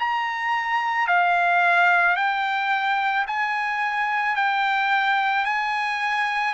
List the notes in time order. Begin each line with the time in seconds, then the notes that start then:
0.00 A#5
1.08 F5
2.17 G5
3.27 G#5
4.36 G5
5.45 G#5